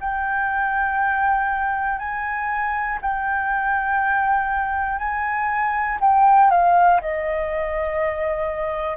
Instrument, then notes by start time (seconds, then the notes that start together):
flute
0.00 G5
1.99 G#5
3.02 G5
4.98 G#5
6.00 G5
6.50 F5
7.01 D#5